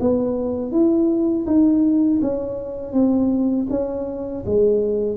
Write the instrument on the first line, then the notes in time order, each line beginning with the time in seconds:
tuba
0.00 B3
0.71 E4
1.46 D#4
2.21 C#4
2.92 C4
3.70 C#4
4.45 G#3